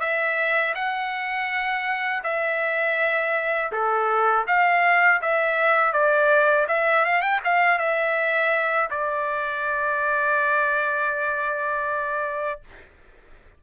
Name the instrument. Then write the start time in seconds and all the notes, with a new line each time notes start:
trumpet
0.00 E5
0.75 F#5
2.24 E5
3.72 A4
4.47 F5
5.22 E5
5.93 D5
6.68 E5
7.05 F5
7.21 G5
7.44 F5
7.78 E5
8.90 D5